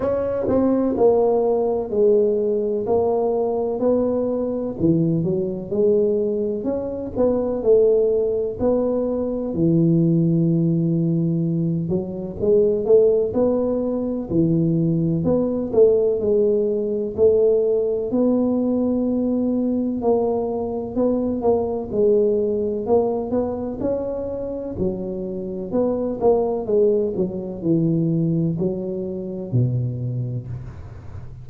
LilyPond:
\new Staff \with { instrumentName = "tuba" } { \time 4/4 \tempo 4 = 63 cis'8 c'8 ais4 gis4 ais4 | b4 e8 fis8 gis4 cis'8 b8 | a4 b4 e2~ | e8 fis8 gis8 a8 b4 e4 |
b8 a8 gis4 a4 b4~ | b4 ais4 b8 ais8 gis4 | ais8 b8 cis'4 fis4 b8 ais8 | gis8 fis8 e4 fis4 b,4 | }